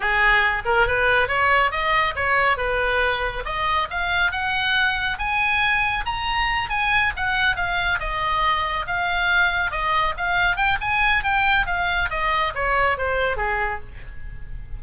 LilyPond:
\new Staff \with { instrumentName = "oboe" } { \time 4/4 \tempo 4 = 139 gis'4. ais'8 b'4 cis''4 | dis''4 cis''4 b'2 | dis''4 f''4 fis''2 | gis''2 ais''4. gis''8~ |
gis''8 fis''4 f''4 dis''4.~ | dis''8 f''2 dis''4 f''8~ | f''8 g''8 gis''4 g''4 f''4 | dis''4 cis''4 c''4 gis'4 | }